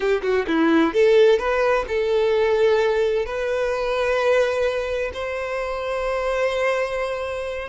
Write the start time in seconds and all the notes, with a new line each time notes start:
0.00 G4
0.22 F#4
0.47 E4
0.93 A4
1.38 B4
1.88 A4
3.25 B4
5.13 C5